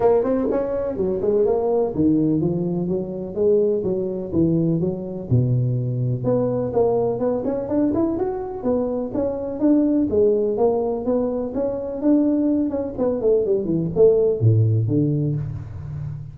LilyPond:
\new Staff \with { instrumentName = "tuba" } { \time 4/4 \tempo 4 = 125 ais8 c'8 cis'4 fis8 gis8 ais4 | dis4 f4 fis4 gis4 | fis4 e4 fis4 b,4~ | b,4 b4 ais4 b8 cis'8 |
d'8 e'8 fis'4 b4 cis'4 | d'4 gis4 ais4 b4 | cis'4 d'4. cis'8 b8 a8 | g8 e8 a4 a,4 d4 | }